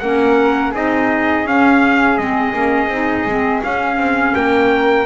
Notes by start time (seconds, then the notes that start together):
0.00 A#3 C#4 A#4 F#5
0.71 C4 D#4 G#4 D#5
1.45 C#4 F5
2.18 G#3 C4 D#5
2.53 A#3 C#4
2.88 C4 D#4
3.26 G#3 C4
3.63 C#4 F5
3.98 C4
4.35 A#3 A#4 G5